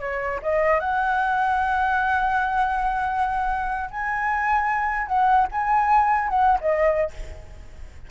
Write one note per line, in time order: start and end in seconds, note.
0.00 0.40 C#5
0.42 0.80 D#5
0.80 3.90 F#5
3.91 5.07 G#5
5.07 5.47 F#5
5.52 6.29 G#5
6.29 6.59 F#5
6.61 7.11 D#5